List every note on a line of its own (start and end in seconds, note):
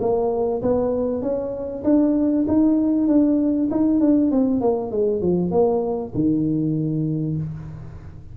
0.00 0.61 A#3
0.62 1.22 B3
1.22 1.83 C#4
1.84 2.45 D4
2.47 3.07 D#4
3.07 3.68 D4
3.70 4.00 D#4
4.00 4.31 D4
4.31 4.60 C4
4.60 4.91 A#3
4.91 5.21 G#3
5.21 5.51 F3
5.51 6.12 A#3
6.14 7.37 D#3